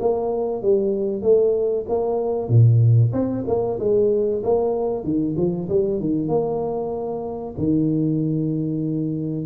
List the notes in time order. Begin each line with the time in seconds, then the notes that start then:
0.00 A#3
0.63 G3
1.23 A3
1.89 A#3
2.49 A#2
3.13 C4
3.47 A#3
3.80 G#3
4.44 A#3
5.04 D#3
5.37 F3
5.69 G3
6.00 D#3
6.29 A#3
7.58 D#3